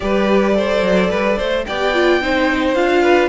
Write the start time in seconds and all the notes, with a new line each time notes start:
0.00 G3 G4 B4 D5
0.54 A4 C5
0.82 F#3
1.10 G3 B4
1.37 A3 C5
1.65 B3 G4 D5 G5
1.93 F4
2.21 C4 D#4 C5
2.74 D4 F4 F5
3.02 B4